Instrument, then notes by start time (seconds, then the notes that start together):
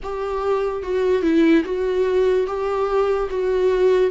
viola
0.02 G4
0.83 F#4
1.22 E4
1.64 F#4
2.47 G4
3.30 F#4